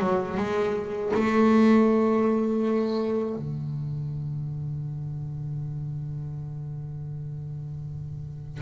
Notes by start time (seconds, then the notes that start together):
0.00 F#3
0.38 G#3
1.14 A3
3.36 D3